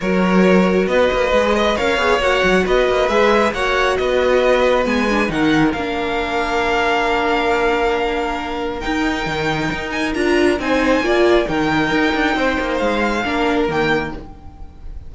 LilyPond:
<<
  \new Staff \with { instrumentName = "violin" } { \time 4/4 \tempo 4 = 136 cis''2 dis''2 | f''4 fis''4 dis''4 e''4 | fis''4 dis''2 gis''4 | fis''4 f''2.~ |
f''1 | g''2~ g''8 gis''8 ais''4 | gis''2 g''2~ | g''4 f''2 g''4 | }
  \new Staff \with { instrumentName = "violin" } { \time 4/4 ais'2 b'4. dis''8 | cis''2 b'2 | cis''4 b'2. | ais'1~ |
ais'1~ | ais'1 | c''4 d''4 ais'2 | c''2 ais'2 | }
  \new Staff \with { instrumentName = "viola" } { \time 4/4 fis'2. gis'8 b'8 | ais'8 gis'8 fis'2 gis'4 | fis'2. b8 d'8 | dis'4 d'2.~ |
d'1 | dis'2. f'4 | dis'4 f'4 dis'2~ | dis'2 d'4 ais4 | }
  \new Staff \with { instrumentName = "cello" } { \time 4/4 fis2 b8 ais8 gis4 | cis'8 b8 ais8 fis8 b8 ais8 gis4 | ais4 b2 gis4 | dis4 ais2.~ |
ais1 | dis'4 dis4 dis'4 d'4 | c'4 ais4 dis4 dis'8 d'8 | c'8 ais8 gis4 ais4 dis4 | }
>>